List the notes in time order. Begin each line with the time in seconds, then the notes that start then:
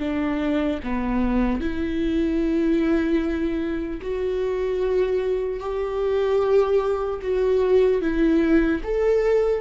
0.00 D4
0.84 B3
1.61 E4
4.02 F#4
5.60 G4
7.22 F#4
8.02 E4
8.84 A4